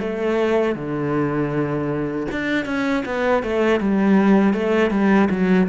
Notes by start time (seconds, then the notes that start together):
0.00 A3
0.75 D3
2.31 D4
2.65 C#4
3.06 B3
3.43 A3
3.80 G3
4.53 A3
4.91 G3
5.30 F#3